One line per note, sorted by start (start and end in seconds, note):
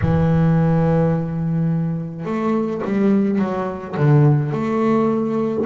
0.01 2.25 E3
2.25 2.81 A3
2.84 3.39 G3
3.39 3.95 F#3
3.96 4.51 D3
4.51 5.64 A3